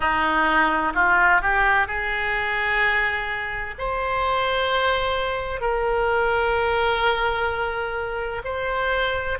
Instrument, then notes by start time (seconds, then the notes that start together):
oboe
0.00 D#4
0.94 F4
1.41 G4
1.87 G#4
3.78 C5
5.60 A#4
8.44 C5